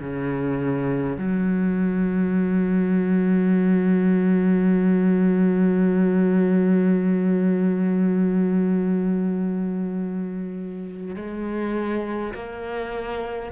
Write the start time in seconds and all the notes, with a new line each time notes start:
0.00 C#3
1.18 F#3
11.16 G#3
12.34 A#3